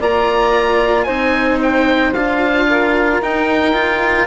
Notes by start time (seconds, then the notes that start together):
0.00 A#3 F4 D5 A#5
1.03 C4 D#4 C5 G#5
1.62 G5
2.14 D4 F4 F5
2.69 A#4
3.22 D#4 G5
3.73 F4